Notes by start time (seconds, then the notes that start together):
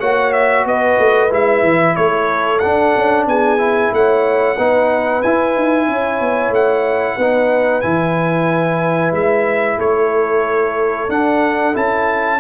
0.00 A#3 F#4 C#5 F#5
0.33 E5
0.66 B3 B4 D#5
0.99 A3
1.30 G#3 E4 E5
1.63 E3
1.96 A3 A4 C#5
2.59 D4 F#5
2.97 C#4
3.26 B3 G#4 G#5
3.59 E4
3.92 A3 C#5 F#5
4.56 B3 D#4 B4
5.23 E4 G#5
5.57 D#4
5.87 C#4 C#5
6.21 B3
6.50 A3 F#5
7.17 B3 D#4 B4
7.81 E3 E4 G#5
9.12 G#3 E5
9.78 A3 A4 C#5
11.09 D4 F#5
11.74 C#4 E4 A5